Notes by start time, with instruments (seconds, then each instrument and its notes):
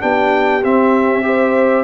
0.00 tuba B3, trombone D4, horn G4, trumpet G5
0.62 trombone C4, tuba C4, trumpet E5
1.23 trombone G4, horn C5